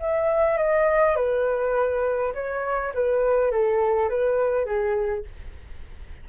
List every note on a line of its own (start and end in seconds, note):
0.00 0.57 E5
0.57 1.16 D#5
1.16 2.33 B4
2.34 2.93 C#5
2.94 3.52 B4
3.52 4.09 A4
4.09 4.66 B4
4.66 5.24 G#4